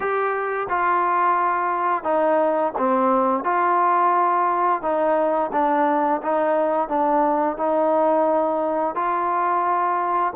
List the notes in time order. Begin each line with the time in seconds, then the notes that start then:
0.00 G4
0.69 F4
2.03 D#4
2.77 C4
3.44 F4
4.82 D#4
5.52 D4
6.22 D#4
6.88 D4
7.57 D#4
8.95 F4